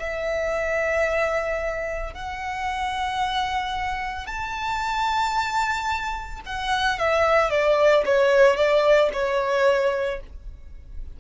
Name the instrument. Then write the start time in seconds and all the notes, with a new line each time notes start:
violin
0.00 E5
2.14 F#5
4.27 A5
6.46 F#5
6.99 E5
7.50 D5
8.06 C#5
8.57 D5
9.14 C#5